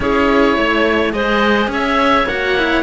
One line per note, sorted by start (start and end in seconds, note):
0.00 0.57 C#4
0.00 1.12 E4
0.00 0.56 G#4
0.00 1.12 C#5
0.56 1.13 A3
0.56 1.13 C#5
1.12 1.67 G#3
1.12 2.26 G#4
1.12 1.71 C5
1.12 1.69 D#5
1.67 2.25 C#4
1.67 2.83 C#5
1.67 2.27 E5
2.25 2.83 A#3
2.25 2.57 F#4
2.25 2.83 F#5
2.57 2.83 E4